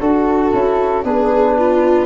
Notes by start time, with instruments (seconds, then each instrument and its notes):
0.00 tuba D4, trombone F#4, viola F#4, flute A4
0.52 tuba C#4, trombone E4
1.04 tuba B3, trombone D4, viola G#4, flute B4
1.58 viola F4